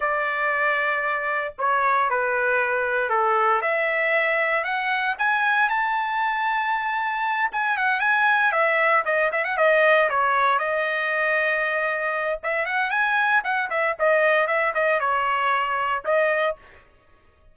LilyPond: \new Staff \with { instrumentName = "trumpet" } { \time 4/4 \tempo 4 = 116 d''2. cis''4 | b'2 a'4 e''4~ | e''4 fis''4 gis''4 a''4~ | a''2~ a''8 gis''8 fis''8 gis''8~ |
gis''8 e''4 dis''8 e''16 fis''16 dis''4 cis''8~ | cis''8 dis''2.~ dis''8 | e''8 fis''8 gis''4 fis''8 e''8 dis''4 | e''8 dis''8 cis''2 dis''4 | }